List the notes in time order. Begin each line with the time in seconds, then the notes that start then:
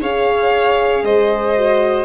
0.00 C#4 G#4 C#5 F5
1.03 G#3 C5 D#5
1.56 F#4